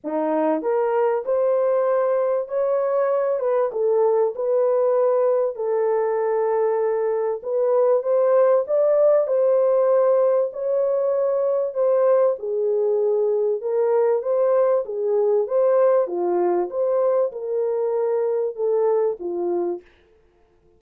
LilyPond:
\new Staff \with { instrumentName = "horn" } { \time 4/4 \tempo 4 = 97 dis'4 ais'4 c''2 | cis''4. b'8 a'4 b'4~ | b'4 a'2. | b'4 c''4 d''4 c''4~ |
c''4 cis''2 c''4 | gis'2 ais'4 c''4 | gis'4 c''4 f'4 c''4 | ais'2 a'4 f'4 | }